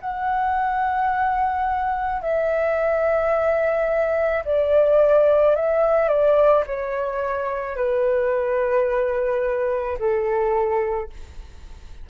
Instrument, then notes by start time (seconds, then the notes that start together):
flute
0.00 F#5
2.21 E5
4.44 D5
5.56 E5
6.08 D5
6.66 C#5
7.76 B4
9.98 A4